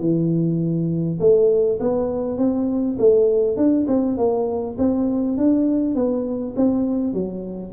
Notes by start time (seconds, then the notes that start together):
0.00 E3
1.20 A3
1.80 B3
2.38 C4
2.98 A3
3.57 D4
3.87 C4
4.17 A#3
4.78 C4
5.37 D4
5.95 B3
6.56 C4
7.13 F#3